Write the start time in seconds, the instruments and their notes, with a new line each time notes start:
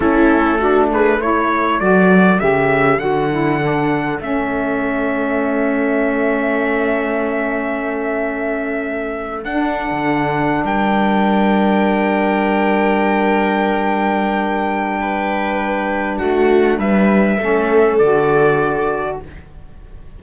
0.00 cello A3, saxophone C#4, viola E4, trumpet A4
0.58 saxophone D4, viola F#4
0.92 viola G#4, trumpet B4
1.21 saxophone E4, viola A4, trumpet C#5
1.80 cello F#3, saxophone F#4, trumpet D5
2.39 cello C#3, saxophone G4, trumpet E5
2.99 cello D3, saxophone F#4, trumpet F#5
3.30 saxophone E4
3.62 saxophone D4
4.19 cello A3, saxophone C#4, trumpet E5
9.44 cello D4, saxophone D4, trumpet F#5
9.91 cello D3
10.64 cello G3, viola A#4, trumpet G5
15.00 viola B4
16.17 cello A3, viola F#4, trumpet F#5
16.77 cello G3, viola B4, trumpet E5
17.37 cello A3, saxophone C#4, viola A4
17.98 cello D3, saxophone F#4, trumpet D5